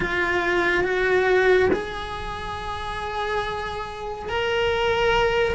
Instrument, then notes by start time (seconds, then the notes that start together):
cello
0.00 F4
0.84 F#4
1.73 G#4
4.29 A#4